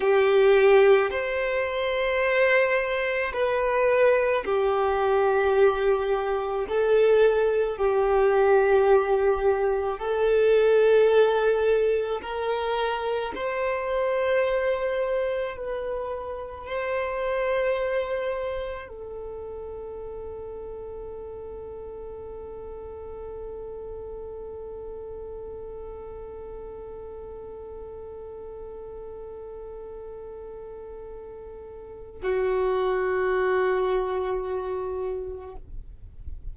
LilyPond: \new Staff \with { instrumentName = "violin" } { \time 4/4 \tempo 4 = 54 g'4 c''2 b'4 | g'2 a'4 g'4~ | g'4 a'2 ais'4 | c''2 b'4 c''4~ |
c''4 a'2.~ | a'1~ | a'1~ | a'4 fis'2. | }